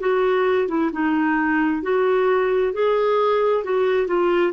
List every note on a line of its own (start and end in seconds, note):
0.00 0.68 F#4
0.68 0.90 E4
0.92 1.82 D#4
1.82 2.73 F#4
2.73 3.64 G#4
3.64 4.07 F#4
4.07 4.52 F4